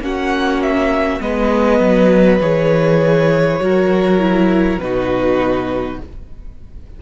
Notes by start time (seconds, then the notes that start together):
0.00 A#3 C#4 F#4 F#5
0.62 E5
1.20 G#3 B3 B4 D#5
1.80 F#3
2.41 E3 G#4 C#5
3.60 F#3 F#4 A#4
4.19 E4
4.79 B2 D#4 F#4 B4